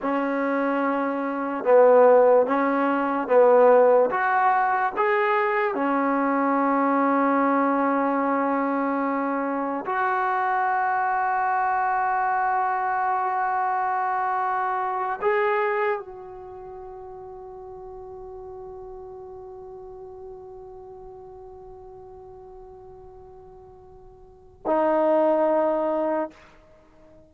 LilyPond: \new Staff \with { instrumentName = "trombone" } { \time 4/4 \tempo 4 = 73 cis'2 b4 cis'4 | b4 fis'4 gis'4 cis'4~ | cis'1 | fis'1~ |
fis'2~ fis'8 gis'4 fis'8~ | fis'1~ | fis'1~ | fis'2 dis'2 | }